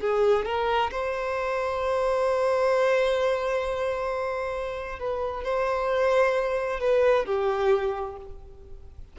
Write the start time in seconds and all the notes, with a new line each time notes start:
0.00 G#4
0.45 A#4
0.91 C5
4.99 B4
5.44 C5
6.80 B4
7.25 G4